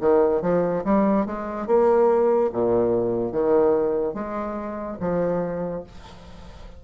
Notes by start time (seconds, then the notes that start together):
0.00 D#3
0.42 F3
0.84 G3
1.26 G#3
1.67 A#3
2.52 A#2
3.32 D#3
4.14 G#3
5.00 F3